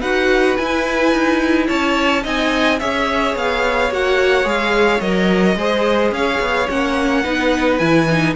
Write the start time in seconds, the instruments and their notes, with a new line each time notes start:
0.00 cello D#4, viola F#4, violin B4 F#5
0.56 viola E4, cello E4, violin G#5
1.12 cello D#4
1.67 cello C#4, violin C#5 A5
2.23 cello C4, viola D#4, violin D#5 G#5
2.79 cello C#4, viola G#4, violin C#5 E5
3.35 cello B3, violin F5
3.90 cello A#3, viola F#4, violin F#5
4.44 cello G#3, viola G#4, violin F5
5.00 cello F#3, viola A#4, violin D#5
5.55 cello G#3, viola G#4, violin C5
6.11 cello C#4, violin C#5 F5
6.39 cello B3
6.68 cello A#3, viola C#4, violin F#5
7.22 cello B3, viola D#4, violin B4
7.77 cello E3, viola E4, violin G#5
8.10 viola D#4